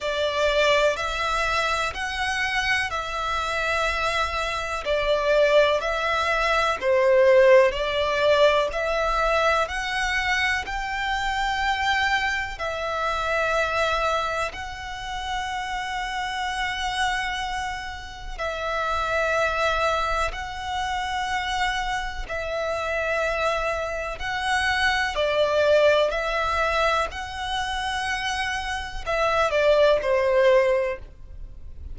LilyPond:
\new Staff \with { instrumentName = "violin" } { \time 4/4 \tempo 4 = 62 d''4 e''4 fis''4 e''4~ | e''4 d''4 e''4 c''4 | d''4 e''4 fis''4 g''4~ | g''4 e''2 fis''4~ |
fis''2. e''4~ | e''4 fis''2 e''4~ | e''4 fis''4 d''4 e''4 | fis''2 e''8 d''8 c''4 | }